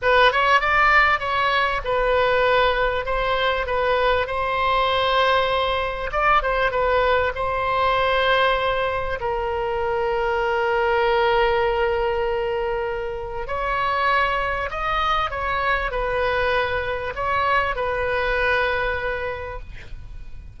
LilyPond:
\new Staff \with { instrumentName = "oboe" } { \time 4/4 \tempo 4 = 98 b'8 cis''8 d''4 cis''4 b'4~ | b'4 c''4 b'4 c''4~ | c''2 d''8 c''8 b'4 | c''2. ais'4~ |
ais'1~ | ais'2 cis''2 | dis''4 cis''4 b'2 | cis''4 b'2. | }